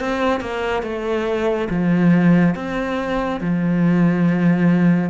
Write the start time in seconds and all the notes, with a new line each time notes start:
0.00 C4
0.41 A#3
0.83 A3
1.70 F3
2.55 C4
3.41 F3